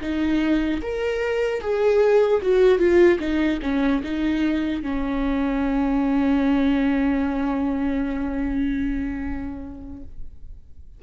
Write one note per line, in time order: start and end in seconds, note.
0.00 0.80 D#4
0.81 1.61 A#4
1.61 2.41 G#4
2.41 2.79 F#4
2.79 3.19 F4
3.19 3.59 D#4
3.62 4.02 C#4
4.03 4.82 D#4
4.82 10.02 C#4